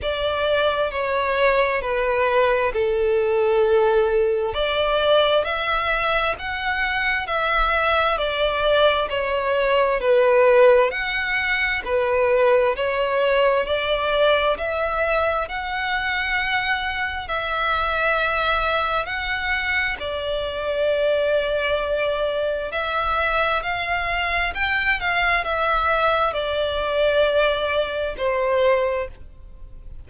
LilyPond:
\new Staff \with { instrumentName = "violin" } { \time 4/4 \tempo 4 = 66 d''4 cis''4 b'4 a'4~ | a'4 d''4 e''4 fis''4 | e''4 d''4 cis''4 b'4 | fis''4 b'4 cis''4 d''4 |
e''4 fis''2 e''4~ | e''4 fis''4 d''2~ | d''4 e''4 f''4 g''8 f''8 | e''4 d''2 c''4 | }